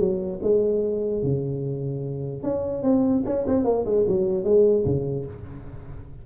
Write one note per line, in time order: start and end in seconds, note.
0.00 0.40 F#3
0.43 1.23 G#3
1.23 2.44 C#3
2.44 2.83 C#4
2.83 3.23 C4
3.26 3.46 C#4
3.47 3.65 C4
3.65 3.85 A#3
3.85 4.06 G#3
4.08 4.45 F#3
4.45 4.85 G#3
4.85 5.26 C#3